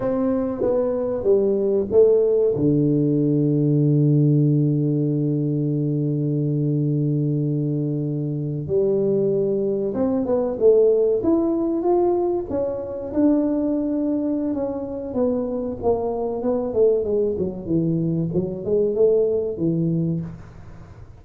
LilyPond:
\new Staff \with { instrumentName = "tuba" } { \time 4/4 \tempo 4 = 95 c'4 b4 g4 a4 | d1~ | d1~ | d4.~ d16 g2 c'16~ |
c'16 b8 a4 e'4 f'4 cis'16~ | cis'8. d'2~ d'16 cis'4 | b4 ais4 b8 a8 gis8 fis8 | e4 fis8 gis8 a4 e4 | }